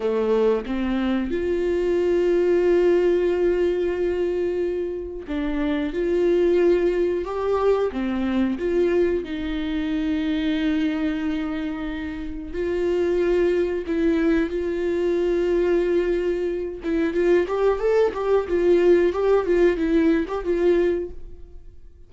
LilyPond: \new Staff \with { instrumentName = "viola" } { \time 4/4 \tempo 4 = 91 a4 c'4 f'2~ | f'1 | d'4 f'2 g'4 | c'4 f'4 dis'2~ |
dis'2. f'4~ | f'4 e'4 f'2~ | f'4. e'8 f'8 g'8 a'8 g'8 | f'4 g'8 f'8 e'8. g'16 f'4 | }